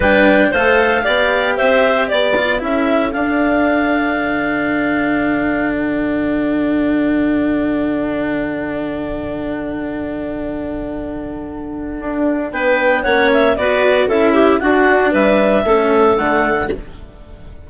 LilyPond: <<
  \new Staff \with { instrumentName = "clarinet" } { \time 4/4 \tempo 4 = 115 g''4 f''2 e''4 | d''4 e''4 f''2~ | f''2. fis''4~ | fis''1~ |
fis''1~ | fis''1 | g''4 fis''8 e''8 d''4 e''4 | fis''4 e''2 fis''4 | }
  \new Staff \with { instrumentName = "clarinet" } { \time 4/4 b'4 c''4 d''4 c''4 | d''4 a'2.~ | a'1~ | a'1~ |
a'1~ | a'1 | b'4 cis''4 b'4 a'8 g'8 | fis'4 b'4 a'2 | }
  \new Staff \with { instrumentName = "cello" } { \time 4/4 d'4 a'4 g'2~ | g'8 f'8 e'4 d'2~ | d'1~ | d'1~ |
d'1~ | d'1~ | d'4 cis'4 fis'4 e'4 | d'2 cis'4 a4 | }
  \new Staff \with { instrumentName = "bassoon" } { \time 4/4 g4 a4 b4 c'4 | b4 cis'4 d'2 | d1~ | d1~ |
d1~ | d2. d'4 | b4 ais4 b4 cis'4 | d'4 g4 a4 d4 | }
>>